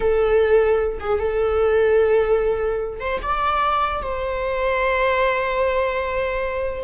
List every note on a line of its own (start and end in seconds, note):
0.00 0.98 A4
1.00 1.18 G#4
1.18 3.00 A4
3.00 3.20 C5
3.22 4.02 D5
4.02 6.83 C5